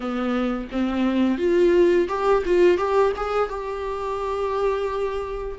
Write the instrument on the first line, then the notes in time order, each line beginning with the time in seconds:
viola
0.00 B3
0.71 C4
1.38 F4
2.08 G4
2.45 F4
2.77 G4
3.16 G#4
3.49 G4